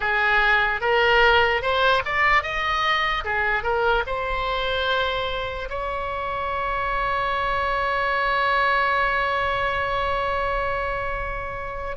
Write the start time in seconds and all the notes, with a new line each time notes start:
0.00 G#4
0.81 A#4
1.62 C5
2.05 D5
2.43 D#5
3.24 G#4
3.63 A#4
4.06 C5
5.69 C#5